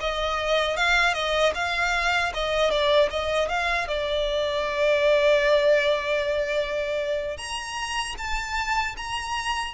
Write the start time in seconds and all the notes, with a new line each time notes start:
0.00 D#5
0.77 F5
1.14 D#5
1.54 F5
2.33 D#5
2.70 D5
3.10 D#5
3.49 F5
3.87 D5
7.37 A#5
8.17 A5
8.97 A#5